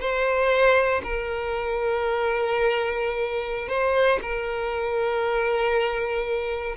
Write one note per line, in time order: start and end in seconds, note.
0.00 1.02 C5
1.04 3.68 A#4
3.68 4.19 C5
4.22 6.76 A#4